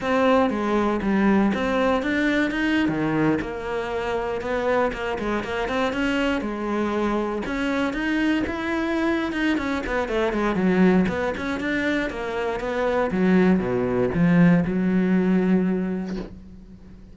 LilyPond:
\new Staff \with { instrumentName = "cello" } { \time 4/4 \tempo 4 = 119 c'4 gis4 g4 c'4 | d'4 dis'8. dis4 ais4~ ais16~ | ais8. b4 ais8 gis8 ais8 c'8 cis'16~ | cis'8. gis2 cis'4 dis'16~ |
dis'8. e'4.~ e'16 dis'8 cis'8 b8 | a8 gis8 fis4 b8 cis'8 d'4 | ais4 b4 fis4 b,4 | f4 fis2. | }